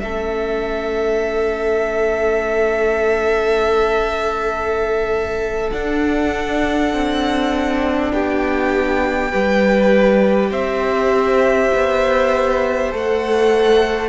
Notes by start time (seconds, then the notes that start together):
0.00 A3 C#4 A4 E5
5.72 D4 F#5
6.94 C4
8.13 B3 G4 G5
9.31 G3 G4 B4
10.50 C4 C5 E5
11.74 B3
12.92 A3 A4 F#5